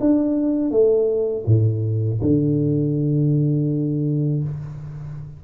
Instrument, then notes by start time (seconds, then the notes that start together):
tuba
0.00 D4
0.71 A3
1.46 A2
2.21 D3